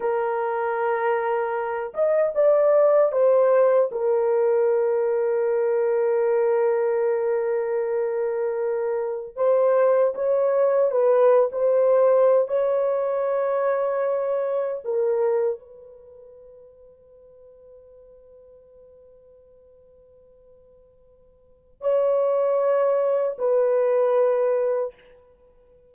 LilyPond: \new Staff \with { instrumentName = "horn" } { \time 4/4 \tempo 4 = 77 ais'2~ ais'8 dis''8 d''4 | c''4 ais'2.~ | ais'1 | c''4 cis''4 b'8. c''4~ c''16 |
cis''2. ais'4 | b'1~ | b'1 | cis''2 b'2 | }